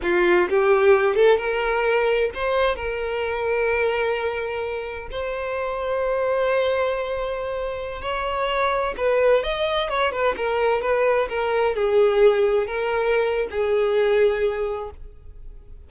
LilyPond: \new Staff \with { instrumentName = "violin" } { \time 4/4 \tempo 4 = 129 f'4 g'4. a'8 ais'4~ | ais'4 c''4 ais'2~ | ais'2. c''4~ | c''1~ |
c''4~ c''16 cis''2 b'8.~ | b'16 dis''4 cis''8 b'8 ais'4 b'8.~ | b'16 ais'4 gis'2 ais'8.~ | ais'4 gis'2. | }